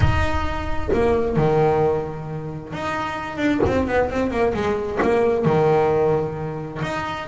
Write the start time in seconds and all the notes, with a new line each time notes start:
0.00 D#4
0.93 A#3
1.36 D#3
2.73 D#4
3.37 D4
3.66 C4
3.87 B3
4.10 C4
4.30 A#3
4.53 G#3
5.01 A#3
5.45 D#3
6.82 D#4